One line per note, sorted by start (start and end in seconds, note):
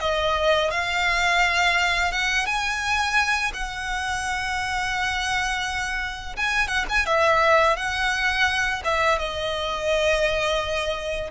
0.00 0.71 D#5
0.71 2.12 F5
2.12 2.45 F#5
2.45 3.51 G#5
3.53 6.36 F#5
6.36 6.67 G#5
6.67 6.85 F#5
6.89 7.06 G#5
7.06 7.76 E5
7.76 8.82 F#5
8.84 9.19 E5
9.19 11.30 D#5